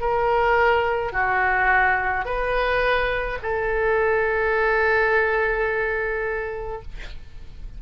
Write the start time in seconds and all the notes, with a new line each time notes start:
0.00 A#4
1.12 F#4
2.25 B4
3.42 A4